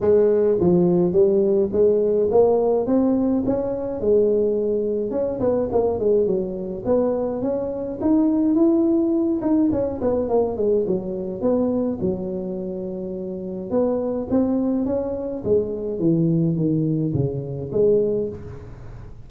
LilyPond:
\new Staff \with { instrumentName = "tuba" } { \time 4/4 \tempo 4 = 105 gis4 f4 g4 gis4 | ais4 c'4 cis'4 gis4~ | gis4 cis'8 b8 ais8 gis8 fis4 | b4 cis'4 dis'4 e'4~ |
e'8 dis'8 cis'8 b8 ais8 gis8 fis4 | b4 fis2. | b4 c'4 cis'4 gis4 | e4 dis4 cis4 gis4 | }